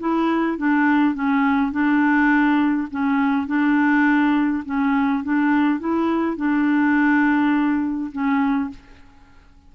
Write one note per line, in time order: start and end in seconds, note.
0.00 0.58 E4
0.58 1.15 D4
1.15 1.72 C#4
1.72 2.88 D4
2.91 3.47 C#4
3.47 4.64 D4
4.65 5.24 C#4
5.24 5.80 D4
5.80 6.37 E4
6.37 8.12 D4
8.12 8.70 C#4